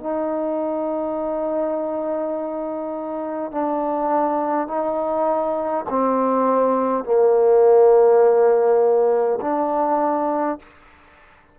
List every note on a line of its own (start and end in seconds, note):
0.00 3.52 D#4
3.52 4.67 D4
4.67 5.85 D#4
5.89 7.04 C4
7.04 9.40 A#3
9.41 10.59 D4